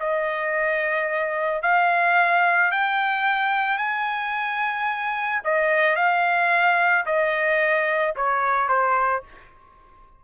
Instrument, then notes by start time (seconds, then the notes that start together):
trumpet
0.00 D#5
1.63 F5
2.72 G5
3.78 G#5
5.44 D#5
5.97 F5
7.06 D#5
8.16 C#5
8.69 C5